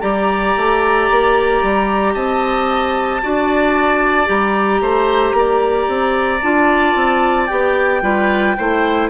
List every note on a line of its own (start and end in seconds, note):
0.00 0.55 G3
0.00 3.21 G4
0.00 2.14 D5
0.00 2.13 A#5
0.56 1.10 A3
1.10 1.62 A#3
1.62 2.15 G3
2.13 3.22 C4
2.13 3.21 D#5
2.13 4.27 A5
3.22 4.29 D4
3.22 4.25 F#4
3.22 4.81 D5
4.25 4.81 G3
4.25 6.39 G4
4.25 6.42 A#5
4.81 5.33 A3
4.81 5.35 C5
5.33 5.86 A#3
5.33 8.02 D5
5.88 6.41 C4
6.42 6.95 D4
6.42 7.49 F4
6.42 7.47 A5
6.95 7.49 C4
7.47 8.02 B3
7.47 8.02 G4
7.47 9.07 G5
8.02 8.55 G3
8.02 8.56 F4
8.02 8.56 B4
8.57 9.10 A3
8.57 9.10 E4
8.57 9.10 C5